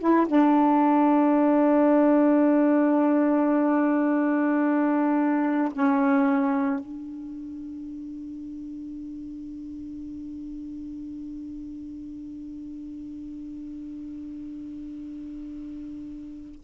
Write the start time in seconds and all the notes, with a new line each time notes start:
0.00 E4
0.27 D4
5.73 C#4
6.80 D4